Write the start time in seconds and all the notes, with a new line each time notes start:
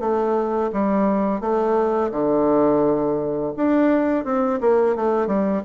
0.00 A3
0.73 G3
1.41 A3
2.11 D3
3.56 D4
4.24 C4
4.60 A#3
4.96 A3
5.27 G3